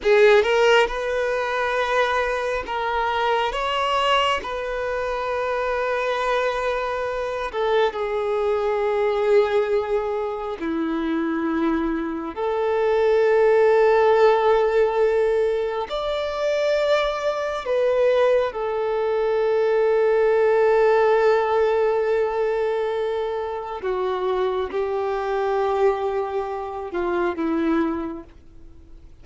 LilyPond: \new Staff \with { instrumentName = "violin" } { \time 4/4 \tempo 4 = 68 gis'8 ais'8 b'2 ais'4 | cis''4 b'2.~ | b'8 a'8 gis'2. | e'2 a'2~ |
a'2 d''2 | b'4 a'2.~ | a'2. fis'4 | g'2~ g'8 f'8 e'4 | }